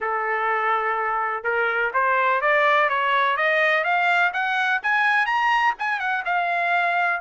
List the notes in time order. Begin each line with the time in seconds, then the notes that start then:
0.00 A4
1.43 A#4
1.93 C5
2.41 D5
2.89 C#5
3.36 D#5
3.84 F5
4.33 F#5
4.82 G#5
5.26 A#5
5.78 G#5
5.99 F#5
6.25 F5